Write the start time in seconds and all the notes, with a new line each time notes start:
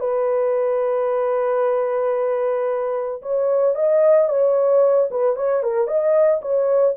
0.00 B4
3.22 C#5
3.75 D#5
4.29 C#5
5.11 B4
5.36 C#5
5.63 A#4
5.87 D#5
6.42 C#5